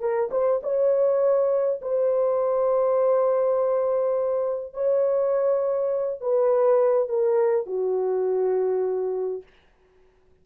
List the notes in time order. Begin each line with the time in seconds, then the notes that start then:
0.00 A#4
0.31 C5
0.63 C#5
1.82 C5
4.74 C#5
6.21 B4
7.09 A#4
7.66 F#4